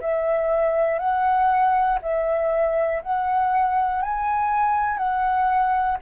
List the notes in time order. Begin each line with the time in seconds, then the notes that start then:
0.00 E5
0.98 F#5
2.02 E5
3.02 F#5
4.02 G#5
4.97 F#5